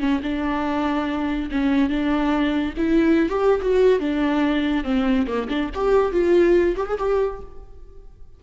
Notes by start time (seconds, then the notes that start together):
0.00 C#4
0.23 D4
1.51 C#4
1.90 D4
2.77 E4
3.30 G4
3.62 F#4
4.00 D4
4.84 C4
5.27 A#3
5.49 D4
5.74 G4
6.12 F4
6.76 G4
6.87 G#4
6.99 G4